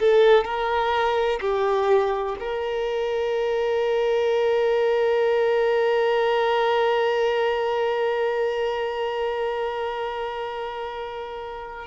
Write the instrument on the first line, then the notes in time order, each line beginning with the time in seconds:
violin
0.00 A4
0.45 A#4
1.41 G4
2.39 A#4